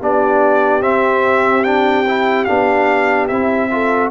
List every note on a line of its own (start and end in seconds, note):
0.00 0.82 B3
0.00 0.81 D4
0.00 3.70 G4
0.00 0.82 D5
0.81 1.63 C4
0.81 2.46 C4
0.81 1.64 E5
1.64 2.05 D4
1.64 2.45 G5
2.08 2.47 E4
2.45 3.30 B3
2.45 3.29 D4
2.45 3.27 F5
3.28 4.11 C4
3.28 3.71 E4
3.28 4.10 E5
3.71 4.11 F4
3.71 4.11 A4